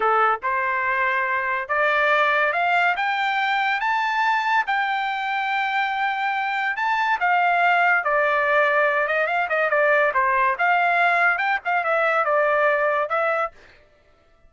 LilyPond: \new Staff \with { instrumentName = "trumpet" } { \time 4/4 \tempo 4 = 142 a'4 c''2. | d''2 f''4 g''4~ | g''4 a''2 g''4~ | g''1 |
a''4 f''2 d''4~ | d''4. dis''8 f''8 dis''8 d''4 | c''4 f''2 g''8 f''8 | e''4 d''2 e''4 | }